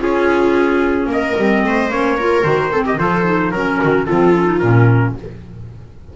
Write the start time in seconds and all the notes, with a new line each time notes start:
0.00 C#4 F4 G#4
1.07 A#3 A#4
1.13 D#5
1.37 G3 C4
1.64 A3 C5
1.90 A#3 C#4 C#5
2.17 F4 A#4
2.43 D#3 F#4 C5
2.72 C4 A4
2.85 G4 D#5
2.98 F3 F4 A4 C5
3.25 D#4
3.51 F#3 C#4 A#4
3.81 D#3 F#4
4.06 F3 C4 F4 A4
4.34 C#4
4.46 D#4
4.59 A#2 C#4 A#4